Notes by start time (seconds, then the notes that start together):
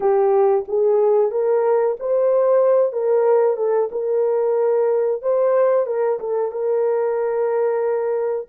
0.00 G4
0.68 G#4
1.31 A#4
1.99 C5
2.92 A#4
3.57 A4
3.91 A#4
5.22 C5
5.86 A#4
6.19 A4
6.51 A#4